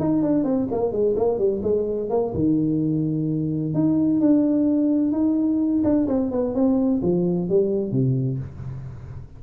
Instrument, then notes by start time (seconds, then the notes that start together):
tuba
0.00 D#4
0.23 D4
0.45 C4
0.72 A#3
0.92 G#3
1.17 A#3
1.39 G3
1.63 G#3
2.10 A#3
2.35 D#3
3.75 D#4
4.21 D4
5.12 D#4
5.84 D4
6.08 C4
6.32 B3
6.55 C4
7.03 F3
7.50 G3
7.92 C3